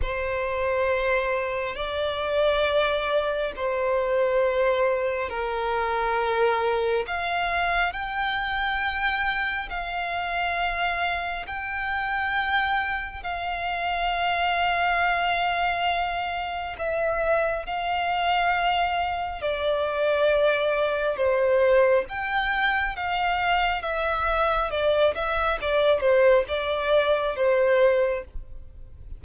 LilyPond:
\new Staff \with { instrumentName = "violin" } { \time 4/4 \tempo 4 = 68 c''2 d''2 | c''2 ais'2 | f''4 g''2 f''4~ | f''4 g''2 f''4~ |
f''2. e''4 | f''2 d''2 | c''4 g''4 f''4 e''4 | d''8 e''8 d''8 c''8 d''4 c''4 | }